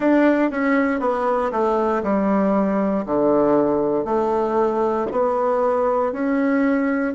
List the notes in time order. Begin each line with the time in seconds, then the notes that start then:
0.00 D4
0.50 C#4
1.00 B3
1.51 A3
2.03 G3
3.05 D3
4.04 A3
5.11 B3
6.12 C#4